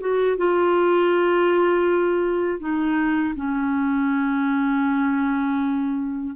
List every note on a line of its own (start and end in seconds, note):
0.00 0.37 F#4
0.37 2.60 F4
2.60 3.34 D#4
3.35 6.35 C#4